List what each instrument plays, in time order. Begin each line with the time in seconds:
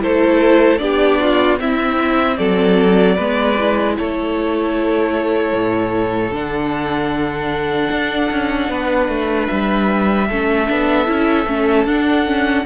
0.00 cello A3, viola E4, violin A4 C5
0.78 cello B3, viola D4, violin G4 D5
1.20 violin F4
1.59 cello C4, viola C4, violin E4 E5
2.37 cello F#3, violin A4 D5
3.15 cello G#3, viola B3, violin B4
3.58 viola E4
3.97 cello A3, violin A4 C#5
5.53 cello A2
6.31 cello D3, viola D4, violin F#5
7.91 cello D4
8.31 cello C#4
8.69 cello B3, violin B4
9.08 cello A3
9.47 cello G3, violin E5
10.28 cello A3, viola C#4, violin A4
10.66 cello B3, viola D4
11.06 cello C#4, viola E4
11.46 cello A3, viola C#4
11.85 cello D4, viola D4, violin F#5
12.26 viola C#4